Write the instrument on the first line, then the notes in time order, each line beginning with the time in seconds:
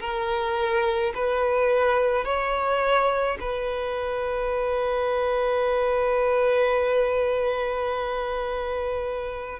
violin
0.00 A#4
1.15 B4
2.25 C#5
3.40 B4